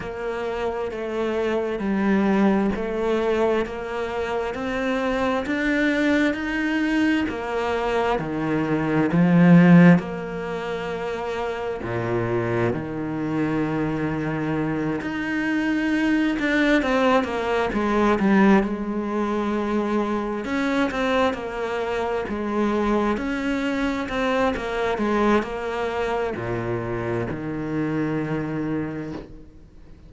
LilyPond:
\new Staff \with { instrumentName = "cello" } { \time 4/4 \tempo 4 = 66 ais4 a4 g4 a4 | ais4 c'4 d'4 dis'4 | ais4 dis4 f4 ais4~ | ais4 ais,4 dis2~ |
dis8 dis'4. d'8 c'8 ais8 gis8 | g8 gis2 cis'8 c'8 ais8~ | ais8 gis4 cis'4 c'8 ais8 gis8 | ais4 ais,4 dis2 | }